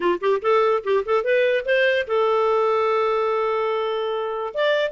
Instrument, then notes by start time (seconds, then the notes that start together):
clarinet
0.00 F4
0.21 G4
0.42 A4
0.83 G4
1.05 A4
1.23 B4
1.65 C5
2.07 A4
4.54 D5